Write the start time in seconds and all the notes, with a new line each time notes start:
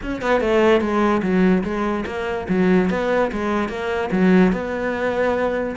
0.02 C#4
0.21 B3
0.40 A3
0.80 G#3
1.22 F#3
1.63 G#3
2.06 A#3
2.48 F#3
2.90 B3
3.31 G#3
3.68 A#3
4.11 F#3
4.52 B3